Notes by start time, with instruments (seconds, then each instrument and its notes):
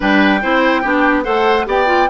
0.00 bassoon G3, clarinet D4, oboe B4, flute G5
0.42 bassoon C4, clarinet E4, oboe C5
0.82 bassoon B3, clarinet D4, oboe G4
1.23 bassoon A3, clarinet A4, oboe C5, flute F#5
1.65 bassoon B3, clarinet G4, oboe D5, flute G5
1.86 clarinet F4